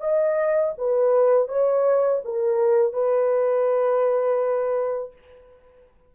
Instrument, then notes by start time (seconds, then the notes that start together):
horn
0.00 D#5
0.77 B4
1.48 C#5
2.24 A#4
2.93 B4